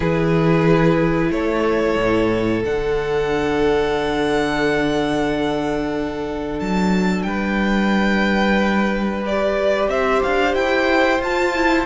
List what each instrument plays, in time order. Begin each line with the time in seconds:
0.00 cello E3, viola E4, violin G#4 B4
1.30 cello A3, violin A4 C#5
1.96 cello A2
2.64 cello D3, viola D4, violin F#5
6.59 cello F#3, violin A5
7.22 cello G3, violin B4 G5
9.22 viola G4, violin D5
9.88 cello C4, violin C5 E5
10.22 cello D4, violin F5
10.54 cello E4, violin G5
11.19 cello F4, viola F4, violin A5
11.55 viola E4